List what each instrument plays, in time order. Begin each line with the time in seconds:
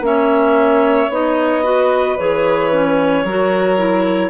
0.00 bassoon A#3, clarinet C#4 E5
0.06 violin C#5
1.09 bassoon B3, clarinet D#4 D#5
1.63 clarinet F#4, violin B4
2.18 bassoon E3, clarinet G#4 C#5
2.71 clarinet C#4
3.24 bassoon F#3, clarinet F#4, violin A#4
3.77 clarinet E4